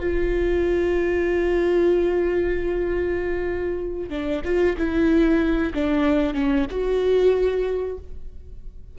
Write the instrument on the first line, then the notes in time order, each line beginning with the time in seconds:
viola
0.00 F4
4.10 D4
4.45 F4
4.78 E4
5.74 D4
6.35 C#4
6.71 F#4